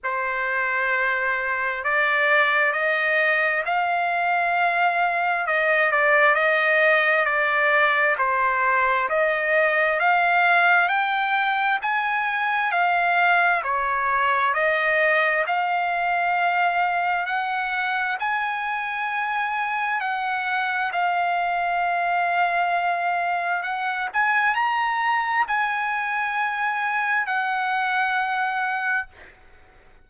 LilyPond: \new Staff \with { instrumentName = "trumpet" } { \time 4/4 \tempo 4 = 66 c''2 d''4 dis''4 | f''2 dis''8 d''8 dis''4 | d''4 c''4 dis''4 f''4 | g''4 gis''4 f''4 cis''4 |
dis''4 f''2 fis''4 | gis''2 fis''4 f''4~ | f''2 fis''8 gis''8 ais''4 | gis''2 fis''2 | }